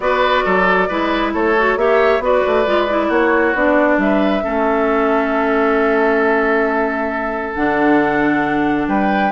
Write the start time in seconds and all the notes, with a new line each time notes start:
0.00 B3 F#4 B4 D5
0.44 F#3 A4
0.88 G#3 E4 B4
1.33 A3 A4 C#5
1.58 F#4
1.76 A#3 G4 C#5 E5
2.19 B3 F#4 B4 D5
2.46 A3
2.66 G#3 F4
2.88 E4
3.08 A#3 F#4 C#5
3.54 B3 D4 D5
3.97 G3 B4 E5
4.42 A3 C#4 A4
7.54 D3 D4 F#5
8.87 G3 B4 G5